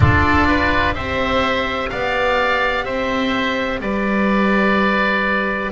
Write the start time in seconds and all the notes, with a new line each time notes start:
0.00 D4 F4 A4 D5
0.47 B4
0.94 C4 G4 C5 E5
1.89 B3 D5 F5
2.84 C4 C5 E5
3.80 G3 B4 D5